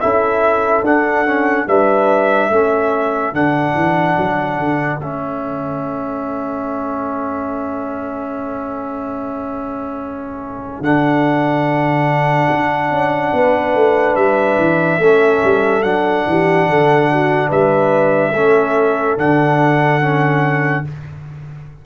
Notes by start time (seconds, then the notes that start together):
0.00 C#4 E4 A4 E5
0.82 D4 F#5
1.26 C#4
1.66 G3 D4 B4 E5
2.49 A3 C#4 A4
3.32 D3 D4 F#5
3.74 E3
4.17 F#3
4.58 D3
4.98 A3 C#4 E5
10.80 D3 D4 F#5
12.50 D4
12.90 C#4
13.33 B3 B4
13.74 A3
14.15 G3 E5
14.58 E3
14.98 A3 C#4 A4
15.44 G3
15.82 F#3 D4 F#5
16.27 E3 G4
16.67 D3 A4
17.11 F#4
17.48 G3 B4 E5
18.33 A3 C#4 A4
19.17 D3 D4 F#5
20.01 C#4